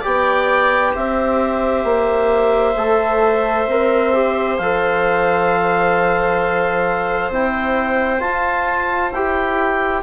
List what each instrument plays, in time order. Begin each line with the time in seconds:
0.00 bassoon B3, trombone G4, viola D5, clarinet G5
0.94 bassoon C4, viola C5, clarinet E5
1.84 bassoon A#3
2.76 bassoon A3, trombone A4
3.66 bassoon C4, trombone A#4
4.13 trombone G4
4.57 bassoon F3, trombone A4, clarinet F5
7.30 bassoon C4, trombone E4, clarinet G5
8.20 trombone F4, bassoon F4, clarinet A5
9.11 bassoon E4, trombone G4, clarinet G5